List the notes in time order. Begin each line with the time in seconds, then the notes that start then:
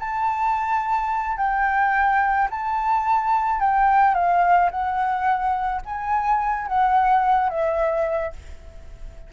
0.00 A5
1.38 G5
2.51 A5
3.61 G5
4.15 F5
4.71 F#5
5.86 G#5
6.68 F#5
7.50 E5